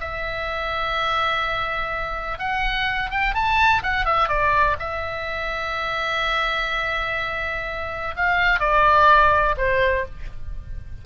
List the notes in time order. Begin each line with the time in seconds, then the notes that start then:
0.00 E5
2.38 F#5
3.10 G5
3.34 A5
3.83 F#5
4.05 E5
4.28 D5
4.79 E5
8.16 F5
8.60 D5
9.57 C5